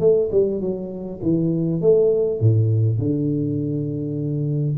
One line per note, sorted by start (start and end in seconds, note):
0.00 0.30 A3
0.32 0.61 G3
0.61 1.20 F#3
1.22 1.81 E3
1.81 2.40 A3
2.40 2.98 A2
2.98 4.77 D3